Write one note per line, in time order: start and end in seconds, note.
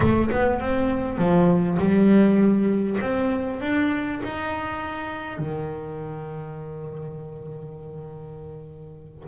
0.00 0.30 A3
0.30 0.59 B3
0.59 1.18 C4
1.18 1.78 F3
1.78 2.98 G3
3.00 3.60 C4
3.61 4.21 D4
4.23 5.38 D#4
5.38 9.28 D#3